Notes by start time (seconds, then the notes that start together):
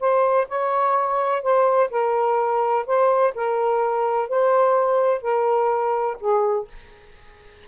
0.00 C5
0.48 C#5
1.42 C5
1.90 A#4
2.87 C5
3.35 A#4
4.29 C5
5.22 A#4
6.20 G#4